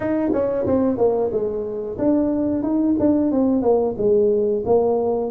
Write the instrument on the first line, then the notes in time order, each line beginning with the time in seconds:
tuba
0.00 D#4
0.33 C#4
0.66 C4
0.97 A#3
1.32 G#3
1.98 D4
2.62 D#4
2.99 D4
3.31 C4
3.62 A#3
3.97 G#3
4.65 A#3